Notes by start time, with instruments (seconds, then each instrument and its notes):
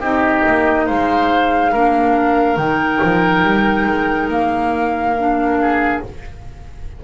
0.00 double bass C4, clarinet D#4, oboe G4, flute D#5
0.46 double bass A#3
0.86 double bass G#3, oboe C5, flute F5
1.71 double bass A#3, clarinet D4, oboe A#4
2.57 double bass D#3, clarinet D#4, flute G5
3.03 double bass F3
3.42 double bass G3
3.86 double bass G#3
4.28 double bass A#3, flute F5
5.18 clarinet D4
5.61 oboe G#4